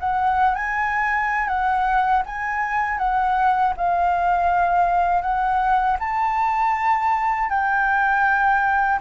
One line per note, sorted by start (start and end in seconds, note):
0.00 0.56 F#5
0.56 1.48 G#5
1.48 2.23 F#5
2.26 2.99 G#5
2.99 3.74 F#5
3.77 5.22 F5
5.22 5.97 F#5
6.00 7.50 A5
7.50 9.00 G5